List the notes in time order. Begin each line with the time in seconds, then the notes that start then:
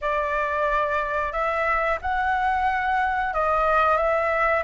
0.01 D5
1.32 E5
2.02 F#5
3.33 D#5
3.97 E5